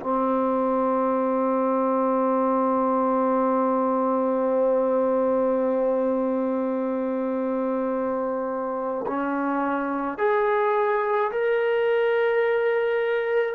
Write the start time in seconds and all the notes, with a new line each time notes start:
0.00 C4
9.07 C#4
10.18 G#4
11.32 A#4